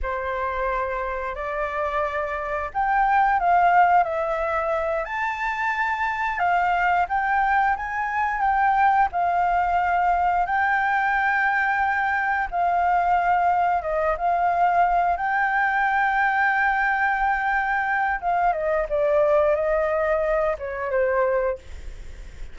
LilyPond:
\new Staff \with { instrumentName = "flute" } { \time 4/4 \tempo 4 = 89 c''2 d''2 | g''4 f''4 e''4. a''8~ | a''4. f''4 g''4 gis''8~ | gis''8 g''4 f''2 g''8~ |
g''2~ g''8 f''4.~ | f''8 dis''8 f''4. g''4.~ | g''2. f''8 dis''8 | d''4 dis''4. cis''8 c''4 | }